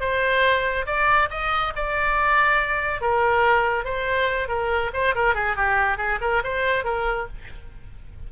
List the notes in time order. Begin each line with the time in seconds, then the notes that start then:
0.00 C5
0.86 D5
1.30 D#5
1.75 D5
3.01 A#4
3.84 C5
4.48 A#4
4.93 C5
5.15 A#4
5.34 G#4
5.56 G4
5.97 G#4
6.21 A#4
6.44 C5
6.84 A#4